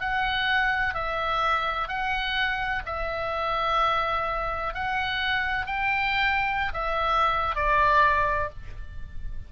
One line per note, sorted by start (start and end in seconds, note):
0.00 0.94 F#5
0.94 1.88 E5
1.88 2.82 F#5
2.85 4.74 E5
4.74 5.66 F#5
5.66 6.72 G5
6.73 7.55 E5
7.55 8.50 D5